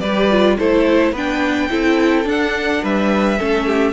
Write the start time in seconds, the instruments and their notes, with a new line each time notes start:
0.00 cello G3, viola G4, violin B4 D5
0.30 viola F4
0.59 cello A3, viola E4, violin A4 C5
1.12 cello B3, viola D4, violin B4 G5
1.70 cello C4, viola E4, violin A4
2.24 viola D4, cello D4, violin F#5
2.82 cello G3, violin B4 E5
3.39 cello A3, viola C#4, violin A4
3.66 violin G4